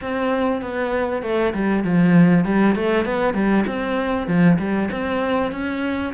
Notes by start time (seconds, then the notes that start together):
0.01 C4
0.61 B3
1.22 A3
1.53 G3
1.83 F3
2.45 G3
2.75 A3
3.05 B3
3.34 G3
3.67 C4
4.27 F3
4.58 G3
4.91 C4
5.51 C#4